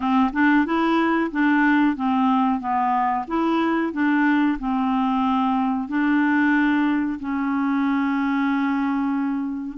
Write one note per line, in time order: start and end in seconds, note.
0.00 0.31 C4
0.33 0.65 D4
0.65 1.30 E4
1.31 1.96 D4
1.96 2.60 C4
2.60 3.25 B3
3.27 3.92 E4
3.92 4.58 D4
4.59 5.88 C4
5.88 7.19 D4
7.19 9.77 C#4